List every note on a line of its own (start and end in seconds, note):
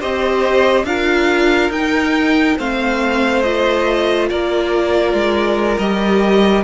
0.00 0.84 C4
0.00 0.86 G4
0.00 0.86 C5
0.00 0.85 D#5
0.84 1.69 D4
0.84 1.72 F4
0.84 2.58 A#4
0.84 1.71 F5
1.69 2.55 D#4
1.69 2.59 D#4
1.69 2.58 G5
2.58 4.31 A3
2.58 3.44 C4
2.58 4.29 C5
2.58 3.42 F5
3.42 5.79 F4
3.42 4.28 D#5
4.30 5.13 A#3
4.30 6.64 A#4
4.30 5.79 D5
5.13 5.78 G#3
5.79 6.64 G3
5.79 6.64 G4
5.79 6.64 D#5